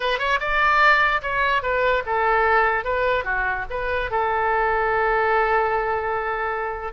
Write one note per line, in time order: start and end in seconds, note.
0.00 0.18 B4
0.18 0.39 C#5
0.40 1.21 D5
1.22 1.62 C#5
1.62 2.03 B4
2.06 2.84 A4
2.84 3.24 B4
3.24 3.65 F#4
3.70 4.10 B4
4.11 6.92 A4